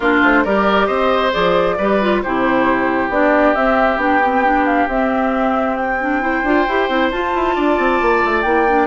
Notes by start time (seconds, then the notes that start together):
0.00 A#3 D4 F4 A#4
0.22 A3 C5
0.44 G3 G4 A#4 D5
0.86 C4 C5 D#5
1.32 F3 G#4 D5
1.77 G3 G4 B4
2.01 F4
2.21 C3 E4 G4 C5
3.09 B3 D4 D5
3.54 C4 E5
3.96 B3 D4 G5
4.23 C4
4.44 D4
4.65 F5
4.87 C4 E5
5.76 G5
6.00 D4
6.21 E4 C5
6.43 D4 F4
6.68 E4 G4
6.89 C4 E4
7.10 F4 A5
7.34 E4
7.55 D4 D5
7.78 C4
8.01 A#3
8.24 A3
8.41 A#3 E4 G5
8.67 D4